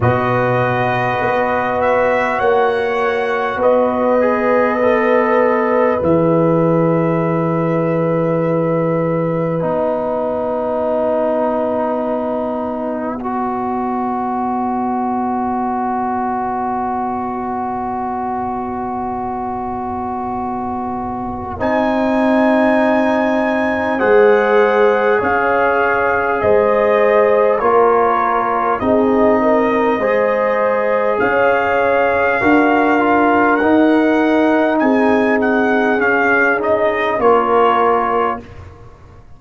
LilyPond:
<<
  \new Staff \with { instrumentName = "trumpet" } { \time 4/4 \tempo 4 = 50 dis''4. e''8 fis''4 dis''4~ | dis''4 e''2. | fis''1~ | fis''1~ |
fis''2 gis''2 | fis''4 f''4 dis''4 cis''4 | dis''2 f''2 | fis''4 gis''8 fis''8 f''8 dis''8 cis''4 | }
  \new Staff \with { instrumentName = "horn" } { \time 4/4 b'2 cis''4 b'4~ | b'1~ | b'2. dis''4~ | dis''1~ |
dis''1 | c''4 cis''4 c''4 ais'4 | gis'8 ais'8 c''4 cis''4 ais'4~ | ais'4 gis'2 ais'4 | }
  \new Staff \with { instrumentName = "trombone" } { \time 4/4 fis'2.~ fis'8 gis'8 | a'4 gis'2. | dis'2. fis'4~ | fis'1~ |
fis'2 dis'2 | gis'2. f'4 | dis'4 gis'2 fis'8 f'8 | dis'2 cis'8 dis'8 f'4 | }
  \new Staff \with { instrumentName = "tuba" } { \time 4/4 b,4 b4 ais4 b4~ | b4 e2. | b1~ | b1~ |
b2 c'2 | gis4 cis'4 gis4 ais4 | c'4 gis4 cis'4 d'4 | dis'4 c'4 cis'4 ais4 | }
>>